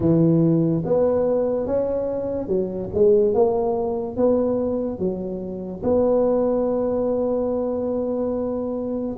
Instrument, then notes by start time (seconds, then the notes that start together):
tuba
0.00 E3
0.85 B3
1.66 C#4
2.47 F#3
2.94 G#3
3.34 A#3
4.16 B3
4.98 F#3
5.83 B3